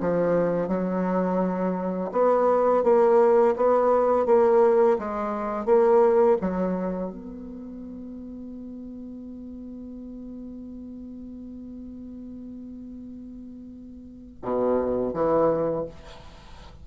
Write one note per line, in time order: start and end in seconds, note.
0.00 0.67 F3
0.67 2.10 F#3
2.11 2.83 B3
2.83 3.55 A#3
3.56 4.26 B3
4.26 4.97 A#3
4.98 5.65 G#3
5.65 6.37 A#3
6.41 7.10 F#3
7.10 14.42 B3
14.42 15.13 B2
15.13 15.84 E3